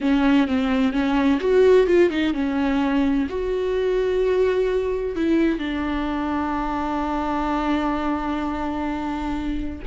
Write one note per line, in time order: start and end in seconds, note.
0.00 0.47 C#4
0.47 0.92 C4
0.92 1.39 C#4
1.40 1.86 F#4
1.86 2.10 F4
2.10 2.33 D#4
2.33 3.27 C#4
3.29 5.15 F#4
5.15 5.59 E4
5.59 9.81 D4